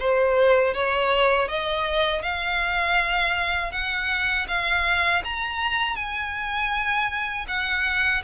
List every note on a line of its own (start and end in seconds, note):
0.00 0.74 C5
0.74 1.48 C#5
1.48 2.22 D#5
2.22 3.72 F5
3.72 4.47 F#5
4.48 5.23 F5
5.24 5.96 A#5
5.96 7.46 G#5
7.48 8.23 F#5